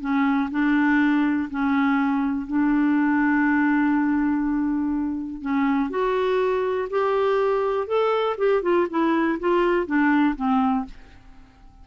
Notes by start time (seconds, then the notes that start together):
0.00 C#4
0.51 D4
1.50 C#4
2.47 D4
5.41 C#4
5.90 F#4
6.90 G4
7.87 A4
8.37 G4
8.62 F4
8.90 E4
9.39 F4
9.86 D4
10.36 C4